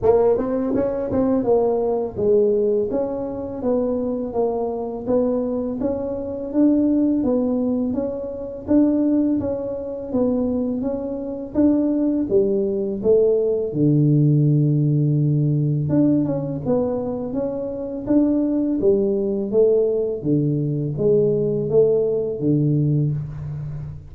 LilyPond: \new Staff \with { instrumentName = "tuba" } { \time 4/4 \tempo 4 = 83 ais8 c'8 cis'8 c'8 ais4 gis4 | cis'4 b4 ais4 b4 | cis'4 d'4 b4 cis'4 | d'4 cis'4 b4 cis'4 |
d'4 g4 a4 d4~ | d2 d'8 cis'8 b4 | cis'4 d'4 g4 a4 | d4 gis4 a4 d4 | }